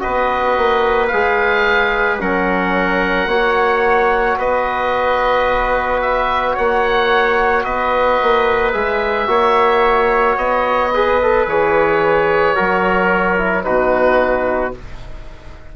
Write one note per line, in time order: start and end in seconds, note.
0.00 1.09 F#4
0.00 2.21 B4
0.00 1.07 D#5
0.06 0.58 B3
0.58 1.12 A#3
1.07 2.20 G#4
1.07 2.17 F5
1.14 2.21 G#3
2.20 3.27 F#3
2.20 3.29 C#4
2.20 3.29 A#4
2.20 4.39 F#5
3.27 4.37 A#3
3.27 8.73 F#4
3.27 4.38 C#5
4.38 6.56 B3
4.38 6.55 B4
4.38 6.01 D#5
6.01 6.56 E5
6.55 7.65 A#3
6.55 7.64 C#5
6.55 7.64 F#5
7.64 8.19 B3
7.64 9.29 B4
7.64 8.73 D#5
8.22 8.75 A#3
8.73 9.28 G#3
8.73 9.27 G#4
8.73 10.36 E5
9.27 10.37 A#3
9.27 10.91 F#4
9.27 10.94 C#5
10.37 11.46 B3
10.37 11.47 D#5
10.94 11.21 G#4
10.94 12.56 B4
11.22 11.49 A4
11.47 12.56 E3
11.47 12.56 G#4
11.47 13.64 C#5
12.56 13.67 F#3
12.56 13.38 F#4
12.56 13.65 A#4
13.38 13.63 E4
13.63 14.76 B2
13.63 14.72 D#4
13.63 14.75 F#4
13.63 14.73 B4